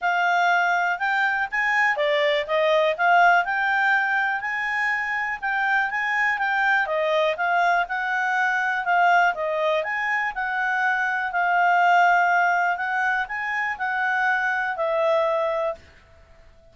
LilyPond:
\new Staff \with { instrumentName = "clarinet" } { \time 4/4 \tempo 4 = 122 f''2 g''4 gis''4 | d''4 dis''4 f''4 g''4~ | g''4 gis''2 g''4 | gis''4 g''4 dis''4 f''4 |
fis''2 f''4 dis''4 | gis''4 fis''2 f''4~ | f''2 fis''4 gis''4 | fis''2 e''2 | }